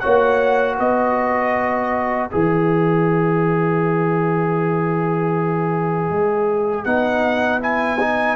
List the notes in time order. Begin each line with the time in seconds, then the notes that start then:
0.00 A#3 F#4 C#5 F#5
0.75 B3 B4 D#5
2.30 E3 G#4 E5
6.11 G#3
6.85 B3 D#4 F#5
7.61 E4 G#5
8.00 D#4